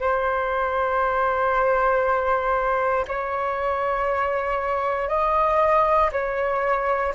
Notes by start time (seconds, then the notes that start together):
0.00 C5
3.08 C#5
5.08 D#5
6.12 C#5